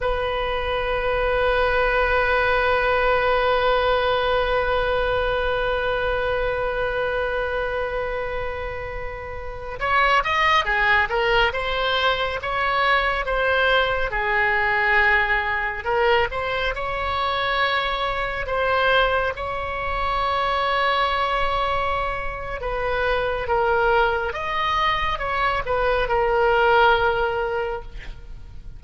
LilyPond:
\new Staff \with { instrumentName = "oboe" } { \time 4/4 \tempo 4 = 69 b'1~ | b'1~ | b'2.~ b'16 cis''8 dis''16~ | dis''16 gis'8 ais'8 c''4 cis''4 c''8.~ |
c''16 gis'2 ais'8 c''8 cis''8.~ | cis''4~ cis''16 c''4 cis''4.~ cis''16~ | cis''2 b'4 ais'4 | dis''4 cis''8 b'8 ais'2 | }